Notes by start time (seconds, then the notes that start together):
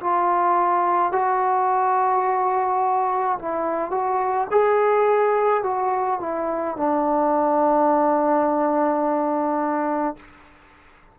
0.00 F4
1.12 F#4
3.39 E4
3.91 F#4
4.51 G#4
5.63 F#4
6.20 E4
6.77 D4